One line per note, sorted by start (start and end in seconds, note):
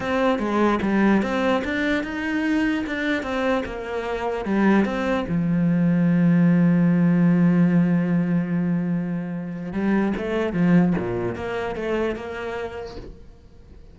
0.00 0.38 C4
0.38 0.79 G#3
0.82 1.22 G3
1.22 1.63 C4
1.64 2.03 D4
2.03 2.84 D#4
2.86 3.22 D4
3.22 3.63 C4
3.65 4.45 A#3
4.45 4.85 G3
4.85 5.25 C4
5.28 9.72 F3
9.72 10.13 G3
10.17 10.53 A3
10.53 10.93 F3
10.97 11.35 A#2
11.35 11.75 A#3
11.75 12.15 A3
12.15 12.96 A#3